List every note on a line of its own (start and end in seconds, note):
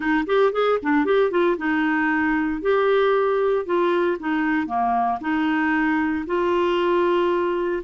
0.00 0.24 D#4
0.26 0.52 G4
0.52 0.78 G#4
0.82 1.05 D4
1.05 1.30 G4
1.30 1.57 F4
1.57 2.61 D#4
2.61 3.65 G4
3.65 4.17 F4
4.19 4.66 D#4
4.66 5.18 A#3
5.20 6.25 D#4
6.26 7.82 F4